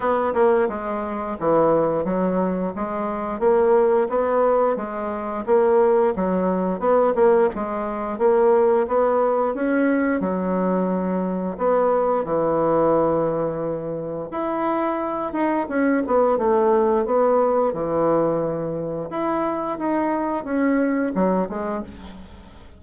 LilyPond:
\new Staff \with { instrumentName = "bassoon" } { \time 4/4 \tempo 4 = 88 b8 ais8 gis4 e4 fis4 | gis4 ais4 b4 gis4 | ais4 fis4 b8 ais8 gis4 | ais4 b4 cis'4 fis4~ |
fis4 b4 e2~ | e4 e'4. dis'8 cis'8 b8 | a4 b4 e2 | e'4 dis'4 cis'4 fis8 gis8 | }